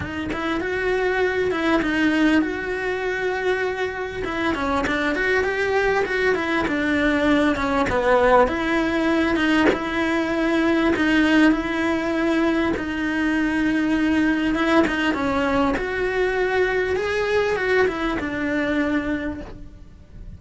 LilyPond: \new Staff \with { instrumentName = "cello" } { \time 4/4 \tempo 4 = 99 dis'8 e'8 fis'4. e'8 dis'4 | fis'2. e'8 cis'8 | d'8 fis'8 g'4 fis'8 e'8 d'4~ | d'8 cis'8 b4 e'4. dis'8 |
e'2 dis'4 e'4~ | e'4 dis'2. | e'8 dis'8 cis'4 fis'2 | gis'4 fis'8 e'8 d'2 | }